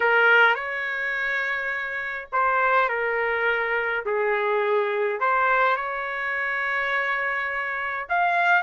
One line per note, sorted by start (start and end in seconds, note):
0.00 0.55 A#4
0.55 2.28 C#5
2.32 2.88 C5
2.88 4.04 A#4
4.05 5.20 G#4
5.20 5.76 C5
5.76 8.07 C#5
8.09 8.62 F5